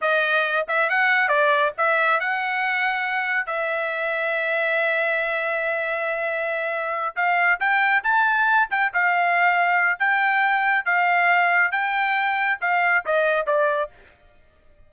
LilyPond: \new Staff \with { instrumentName = "trumpet" } { \time 4/4 \tempo 4 = 138 dis''4. e''8 fis''4 d''4 | e''4 fis''2. | e''1~ | e''1~ |
e''8 f''4 g''4 a''4. | g''8 f''2~ f''8 g''4~ | g''4 f''2 g''4~ | g''4 f''4 dis''4 d''4 | }